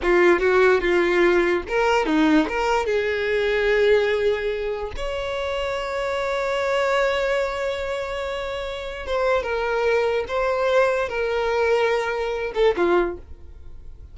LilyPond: \new Staff \with { instrumentName = "violin" } { \time 4/4 \tempo 4 = 146 f'4 fis'4 f'2 | ais'4 dis'4 ais'4 gis'4~ | gis'1 | cis''1~ |
cis''1~ | cis''2 c''4 ais'4~ | ais'4 c''2 ais'4~ | ais'2~ ais'8 a'8 f'4 | }